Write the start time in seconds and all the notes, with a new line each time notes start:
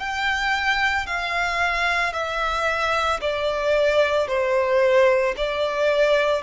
0.00 G5
1.07 F5
2.13 E5
3.21 D5
4.28 C5
5.37 D5